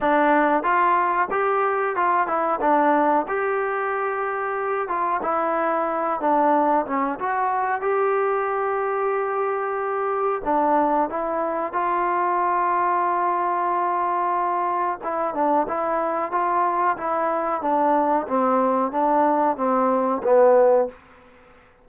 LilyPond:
\new Staff \with { instrumentName = "trombone" } { \time 4/4 \tempo 4 = 92 d'4 f'4 g'4 f'8 e'8 | d'4 g'2~ g'8 f'8 | e'4. d'4 cis'8 fis'4 | g'1 |
d'4 e'4 f'2~ | f'2. e'8 d'8 | e'4 f'4 e'4 d'4 | c'4 d'4 c'4 b4 | }